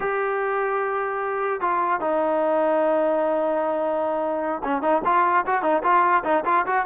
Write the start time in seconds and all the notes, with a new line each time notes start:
0.00 G4
1.61 F4
2.00 D#4
4.63 C#4
4.81 D#4
5.04 F4
5.46 F#4
5.62 D#4
5.83 F4
6.24 D#4
6.45 F4
6.66 F#4